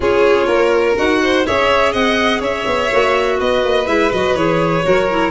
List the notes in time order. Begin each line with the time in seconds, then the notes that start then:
0.00 C#4 F4 G#4 C#5
0.46 A#3 A#4
0.96 D#4 F#4 F#5
1.23 C5
1.44 C#4 G#4 C#5 E5
1.92 C4 D#5 F#5
2.39 C#4 C#5 E5
2.65 B3
2.91 A#3 F#4
3.39 B3 B4 D#5
3.64 A#3
3.85 G#3 E4 E5
4.11 F#3 F#4 D#5
4.35 E3 G#4 C#5
4.83 F#3 F#4 A#4
5.10 E4